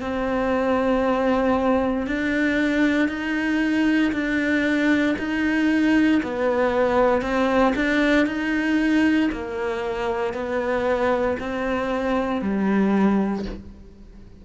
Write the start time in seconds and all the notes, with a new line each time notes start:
0.00 C4
2.06 D4
3.08 D#4
4.12 D4
5.18 D#4
6.23 B3
7.21 C4
7.75 D4
8.26 D#4
9.32 A#3
10.33 B3
11.39 C4
12.41 G3